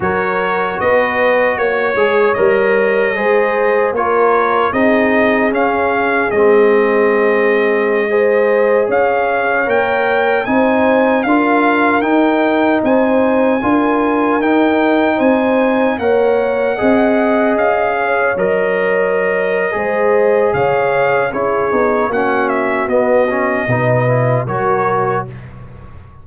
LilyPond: <<
  \new Staff \with { instrumentName = "trumpet" } { \time 4/4 \tempo 4 = 76 cis''4 dis''4 cis''4 dis''4~ | dis''4 cis''4 dis''4 f''4 | dis''2.~ dis''16 f''8.~ | f''16 g''4 gis''4 f''4 g''8.~ |
g''16 gis''2 g''4 gis''8.~ | gis''16 fis''2 f''4 dis''8.~ | dis''2 f''4 cis''4 | fis''8 e''8 dis''2 cis''4 | }
  \new Staff \with { instrumentName = "horn" } { \time 4/4 ais'4 b'4 cis''2 | c''4 ais'4 gis'2~ | gis'2~ gis'16 c''4 cis''8.~ | cis''4~ cis''16 c''4 ais'4.~ ais'16~ |
ais'16 c''4 ais'2 c''8.~ | c''16 cis''4 dis''4. cis''4~ cis''16~ | cis''4 c''4 cis''4 gis'4 | fis'2 b'4 ais'4 | }
  \new Staff \with { instrumentName = "trombone" } { \time 4/4 fis'2~ fis'8 gis'8 ais'4 | gis'4 f'4 dis'4 cis'4 | c'2~ c'16 gis'4.~ gis'16~ | gis'16 ais'4 dis'4 f'4 dis'8.~ |
dis'4~ dis'16 f'4 dis'4.~ dis'16~ | dis'16 ais'4 gis'2 ais'8.~ | ais'4 gis'2 e'8 dis'8 | cis'4 b8 cis'8 dis'8 e'8 fis'4 | }
  \new Staff \with { instrumentName = "tuba" } { \time 4/4 fis4 b4 ais8 gis8 g4 | gis4 ais4 c'4 cis'4 | gis2.~ gis16 cis'8.~ | cis'16 ais4 c'4 d'4 dis'8.~ |
dis'16 c'4 d'4 dis'4 c'8.~ | c'16 ais4 c'4 cis'4 fis8.~ | fis4 gis4 cis4 cis'8 b8 | ais4 b4 b,4 fis4 | }
>>